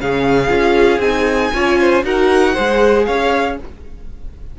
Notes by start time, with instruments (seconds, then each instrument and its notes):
0.00 cello C#3, viola C#4, violin G#4 F5
0.49 cello C#4, viola F4
0.99 cello C4, viola D#4, violin G#5
1.54 cello C#4, viola F4, violin C#5
1.80 violin C5
2.04 cello D#4, viola F#4, violin A#4 F#5
2.54 cello G#3, viola G#4, violin C5
3.06 cello C#4, violin C#5 F5